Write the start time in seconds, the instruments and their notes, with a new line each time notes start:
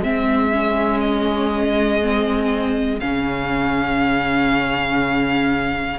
0.00 cello G#3, viola C4, violin G#4 E5
0.52 viola C#4
1.00 violin D#5
2.01 viola C4
3.00 cello C#3, viola C#4, violin F5